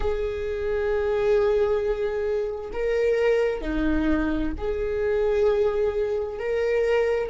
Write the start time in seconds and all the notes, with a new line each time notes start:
0.00 G#4
2.72 A#4
3.61 D#4
4.57 G#4
6.39 A#4